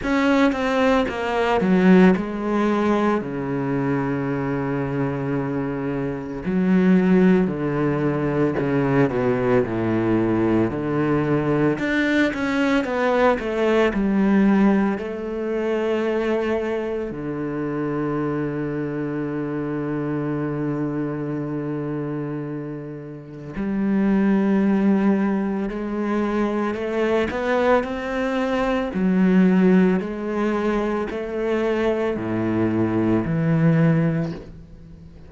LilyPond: \new Staff \with { instrumentName = "cello" } { \time 4/4 \tempo 4 = 56 cis'8 c'8 ais8 fis8 gis4 cis4~ | cis2 fis4 d4 | cis8 b,8 a,4 d4 d'8 cis'8 | b8 a8 g4 a2 |
d1~ | d2 g2 | gis4 a8 b8 c'4 fis4 | gis4 a4 a,4 e4 | }